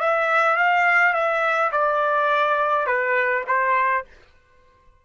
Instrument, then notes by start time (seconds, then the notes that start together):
trumpet
0.00 E5
0.57 F5
1.14 E5
1.72 D5
2.87 B4
3.47 C5